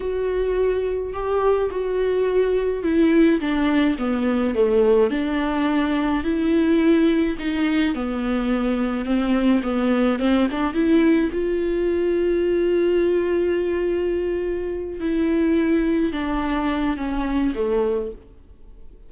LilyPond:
\new Staff \with { instrumentName = "viola" } { \time 4/4 \tempo 4 = 106 fis'2 g'4 fis'4~ | fis'4 e'4 d'4 b4 | a4 d'2 e'4~ | e'4 dis'4 b2 |
c'4 b4 c'8 d'8 e'4 | f'1~ | f'2~ f'8 e'4.~ | e'8 d'4. cis'4 a4 | }